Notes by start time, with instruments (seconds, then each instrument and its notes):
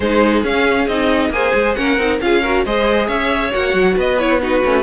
0.00 cello G#3, viola D#4, violin G#4 C5
0.43 cello C#4, viola C#4, violin F5
0.87 cello C4, viola D#4, violin D#5
1.29 cello A#3, viola G#4, violin C5 G#5
1.54 cello G#3
1.74 cello A#3, viola C#4, violin A#4 F#5
1.97 cello C4, viola D#4
2.21 cello C#4, viola F4, violin G#4 F5
2.42 viola F#4, violin A#4
2.65 cello G#3, viola G#4, violin C5 D#5
3.07 cello C#4, violin C#5 E5
3.51 cello A#3, viola F#4, violin F#5
3.73 cello F#3
3.96 cello B3, violin B4 D#5
4.18 viola E4, violin C#5
4.41 viola D#4, violin F#4 B4
4.64 cello A3, viola C#4